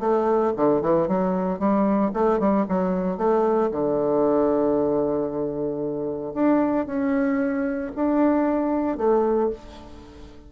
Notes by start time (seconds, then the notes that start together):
0.00 A3
0.56 D3
0.82 E3
1.08 F#3
1.59 G3
2.13 A3
2.40 G3
2.69 F#3
3.18 A3
3.72 D3
6.34 D4
6.86 C#4
7.95 D4
8.97 A3